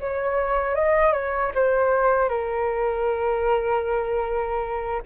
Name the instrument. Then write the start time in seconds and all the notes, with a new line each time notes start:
flute
0.00 C#5
0.75 D#5
1.12 C#5
1.54 C5
2.29 A#4